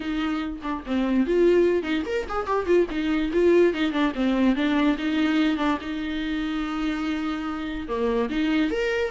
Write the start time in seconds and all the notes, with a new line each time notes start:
0.00 D#4
0.62 D4
0.86 C4
1.26 F4
1.82 D#4
2.06 A#4
2.28 G#4
2.46 G4
2.66 F4
2.90 D#4
3.32 F4
3.73 D#4
3.92 D4
4.14 C4
4.55 D4
4.98 D#4
5.57 D4
5.80 D#4
7.88 A#3
8.29 D#4
8.70 A#4